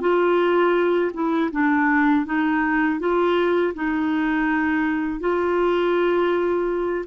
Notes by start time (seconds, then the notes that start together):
0.00 F4
1.13 E4
1.51 D4
2.25 D#4
2.99 F4
3.74 D#4
5.20 F4